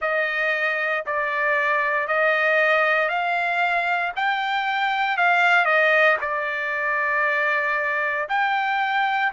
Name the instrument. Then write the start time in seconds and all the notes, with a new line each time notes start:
trumpet
0.01 D#5
1.06 D5
2.07 D#5
3.08 F5
4.16 G5
5.17 F5
5.65 D#5
6.21 D5
8.29 G5